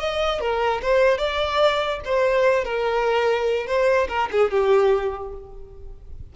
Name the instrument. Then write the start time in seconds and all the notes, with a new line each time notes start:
violin
0.00 D#5
0.41 A#4
0.82 C5
1.18 D5
2.05 C5
2.65 A#4
3.67 C5
4.09 A#4
4.32 G#4
4.51 G4